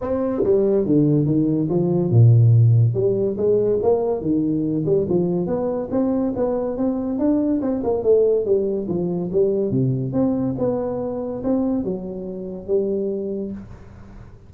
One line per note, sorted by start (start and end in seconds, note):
0.01 0.43 C4
0.43 0.85 G3
0.86 1.25 D3
1.25 1.68 D#3
1.69 2.10 F3
2.10 2.94 A#2
2.94 3.36 G3
3.37 3.79 G#3
3.82 4.21 A#3
4.21 4.84 D#3
4.85 5.06 G3
5.08 5.46 F3
5.46 5.88 B3
5.90 6.33 C4
6.36 6.77 B3
6.77 7.18 C4
7.18 7.61 D4
7.61 7.82 C4
7.83 8.03 A#3
8.03 8.45 A3
8.45 8.87 G3
8.88 9.30 F3
9.32 9.70 G3
9.70 10.13 C3
10.13 10.55 C4
10.58 11.42 B3
11.43 11.83 C4
11.83 12.67 F#3
12.67 13.51 G3